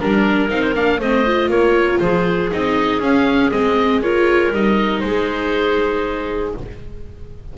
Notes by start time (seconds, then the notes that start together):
0.00 G3 D4 A#4
0.49 C4 D#4 F5
0.62 C5
0.74 A#3 D4 F5
0.99 A3 C4 C5 D#5
1.26 F4
1.48 A#3 A#4 C#5
2.00 F3 G#4 C5
2.51 C4 D#4 D#5
3.00 C#4 F5
3.51 G#3 C4 D#5
4.02 F4 A#4 C#5
4.53 G3 D#4 D#5
5.00 G#3 C5
5.07 G#4